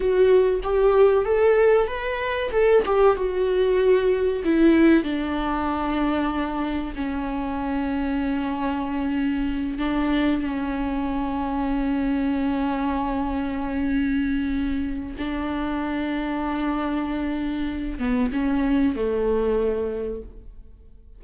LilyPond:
\new Staff \with { instrumentName = "viola" } { \time 4/4 \tempo 4 = 95 fis'4 g'4 a'4 b'4 | a'8 g'8 fis'2 e'4 | d'2. cis'4~ | cis'2.~ cis'8 d'8~ |
d'8 cis'2.~ cis'8~ | cis'1 | d'1~ | d'8 b8 cis'4 a2 | }